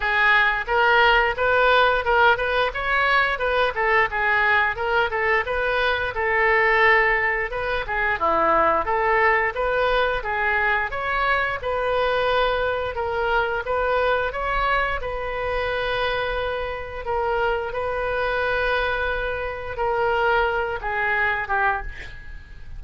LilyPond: \new Staff \with { instrumentName = "oboe" } { \time 4/4 \tempo 4 = 88 gis'4 ais'4 b'4 ais'8 b'8 | cis''4 b'8 a'8 gis'4 ais'8 a'8 | b'4 a'2 b'8 gis'8 | e'4 a'4 b'4 gis'4 |
cis''4 b'2 ais'4 | b'4 cis''4 b'2~ | b'4 ais'4 b'2~ | b'4 ais'4. gis'4 g'8 | }